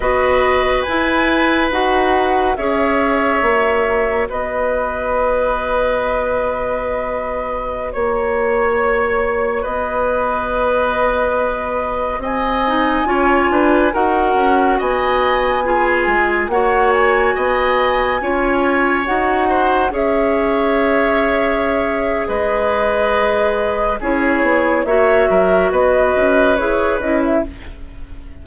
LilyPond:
<<
  \new Staff \with { instrumentName = "flute" } { \time 4/4 \tempo 4 = 70 dis''4 gis''4 fis''4 e''4~ | e''4 dis''2.~ | dis''4~ dis''16 cis''2 dis''8.~ | dis''2~ dis''16 gis''4.~ gis''16~ |
gis''16 fis''4 gis''2 fis''8 gis''16~ | gis''2~ gis''16 fis''4 e''8.~ | e''2 dis''2 | cis''4 e''4 dis''4 cis''8 dis''16 e''16 | }
  \new Staff \with { instrumentName = "oboe" } { \time 4/4 b'2. cis''4~ | cis''4 b'2.~ | b'4~ b'16 cis''2 b'8.~ | b'2~ b'16 dis''4 cis''8 b'16~ |
b'16 ais'4 dis''4 gis'4 cis''8.~ | cis''16 dis''4 cis''4. c''8 cis''8.~ | cis''2 b'2 | gis'4 cis''8 ais'8 b'2 | }
  \new Staff \with { instrumentName = "clarinet" } { \time 4/4 fis'4 e'4 fis'4 gis'4 | fis'1~ | fis'1~ | fis'2~ fis'8. dis'8 f'8.~ |
f'16 fis'2 f'4 fis'8.~ | fis'4~ fis'16 f'4 fis'4 gis'8.~ | gis'1 | e'4 fis'2 gis'8 e'8 | }
  \new Staff \with { instrumentName = "bassoon" } { \time 4/4 b4 e'4 dis'4 cis'4 | ais4 b2.~ | b4~ b16 ais2 b8.~ | b2~ b16 c'4 cis'8 d'16~ |
d'16 dis'8 cis'8 b4. gis8 ais8.~ | ais16 b4 cis'4 dis'4 cis'8.~ | cis'2 gis2 | cis'8 b8 ais8 fis8 b8 cis'8 e'8 cis'8 | }
>>